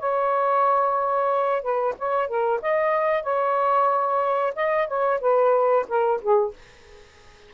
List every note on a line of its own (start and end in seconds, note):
0.00 1.62 C#5
1.62 1.95 B4
1.99 2.28 C#5
2.28 2.61 A#4
2.62 3.23 D#5
3.23 4.54 C#5
4.56 4.88 D#5
4.88 5.20 C#5
5.21 5.86 B4
5.89 6.21 A#4
6.22 6.55 G#4